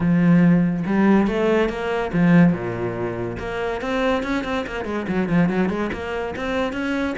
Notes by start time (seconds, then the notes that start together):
0.00 F3
0.86 G3
1.27 A3
1.69 A#3
2.13 F3
2.52 A#2
3.38 A#3
3.81 C4
4.23 C#4
4.44 C4
4.67 A#3
4.85 G#3
5.08 F#3
5.28 F3
5.49 F#3
5.69 G#3
5.92 A#3
6.36 C4
6.72 C#4